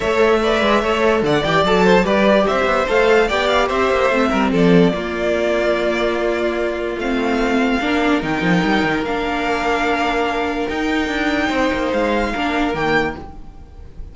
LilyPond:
<<
  \new Staff \with { instrumentName = "violin" } { \time 4/4 \tempo 4 = 146 e''2. fis''8 g''8 | a''4 d''4 e''4 f''4 | g''8 f''8 e''2 d''4~ | d''1~ |
d''4 f''2. | g''2 f''2~ | f''2 g''2~ | g''4 f''2 g''4 | }
  \new Staff \with { instrumentName = "violin" } { \time 4/4 cis''4 d''4 cis''4 d''4~ | d''8 c''8 b'4 c''2 | d''4 c''4. ais'8 a'4 | f'1~ |
f'2. ais'4~ | ais'1~ | ais'1 | c''2 ais'2 | }
  \new Staff \with { instrumentName = "viola" } { \time 4/4 a'4 b'4 a'4. g'8 | a'4 g'2 a'4 | g'2 c'2 | ais1~ |
ais4 c'2 d'4 | dis'2 d'2~ | d'2 dis'2~ | dis'2 d'4 ais4 | }
  \new Staff \with { instrumentName = "cello" } { \time 4/4 a4. gis8 a4 d8 e8 | fis4 g4 c'8 b8 a4 | b4 c'8 ais8 a8 g8 f4 | ais1~ |
ais4 a2 ais4 | dis8 f8 g8 dis8 ais2~ | ais2 dis'4 d'4 | c'8 ais8 gis4 ais4 dis4 | }
>>